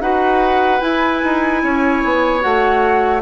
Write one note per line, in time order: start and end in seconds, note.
0.00 0.80 D#4
0.00 0.80 F#4
0.00 1.62 B4
0.00 0.81 F#5
0.80 2.40 E4
0.80 1.22 E4
0.80 2.41 G#5
1.23 1.63 D#4
1.63 2.03 C#4
1.63 3.22 C#5
2.04 2.44 B3
2.40 3.22 A3
2.40 3.20 F#4
2.40 3.21 F#5